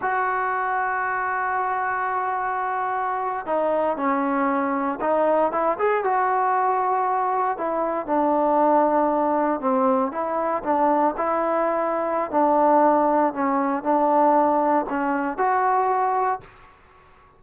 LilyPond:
\new Staff \with { instrumentName = "trombone" } { \time 4/4 \tempo 4 = 117 fis'1~ | fis'2~ fis'8. dis'4 cis'16~ | cis'4.~ cis'16 dis'4 e'8 gis'8 fis'16~ | fis'2~ fis'8. e'4 d'16~ |
d'2~ d'8. c'4 e'16~ | e'8. d'4 e'2~ e'16 | d'2 cis'4 d'4~ | d'4 cis'4 fis'2 | }